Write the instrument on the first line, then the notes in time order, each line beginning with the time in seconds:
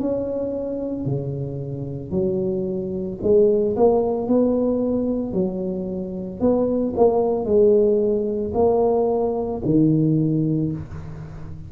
tuba
0.00 C#4
1.06 C#3
2.11 F#3
3.23 G#3
3.77 A#3
4.28 B3
5.33 F#3
6.41 B3
6.96 A#3
7.46 G#3
8.55 A#3
9.65 D#3